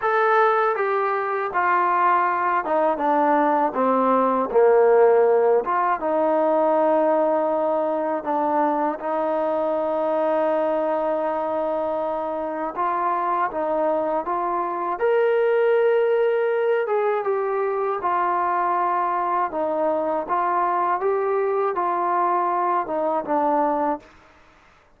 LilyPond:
\new Staff \with { instrumentName = "trombone" } { \time 4/4 \tempo 4 = 80 a'4 g'4 f'4. dis'8 | d'4 c'4 ais4. f'8 | dis'2. d'4 | dis'1~ |
dis'4 f'4 dis'4 f'4 | ais'2~ ais'8 gis'8 g'4 | f'2 dis'4 f'4 | g'4 f'4. dis'8 d'4 | }